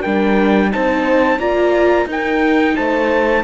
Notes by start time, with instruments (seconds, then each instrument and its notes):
0.00 cello G3, viola D4, horn A#4, trumpet G5
0.71 cello C4, viola D#4, horn C5, trumpet A5
1.39 cello A#3, viola F4, horn D5, trumpet A#5
2.06 cello D#4, viola D#4, horn A#4, trumpet G5
2.75 cello A3, horn C5, trumpet A5